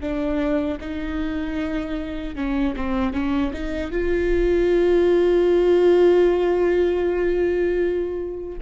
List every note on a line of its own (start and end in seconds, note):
0.00 0.78 D4
0.80 2.36 D#4
2.36 2.74 C#4
2.76 3.13 C4
3.13 3.52 C#4
3.53 3.91 D#4
3.91 8.59 F4